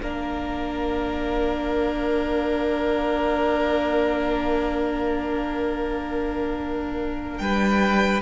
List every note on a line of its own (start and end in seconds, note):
0.00 7.40 A#3
0.00 8.22 D4
0.00 7.41 A#4
0.00 7.38 F5
7.38 8.22 G3
7.38 8.22 B4
7.38 8.20 G5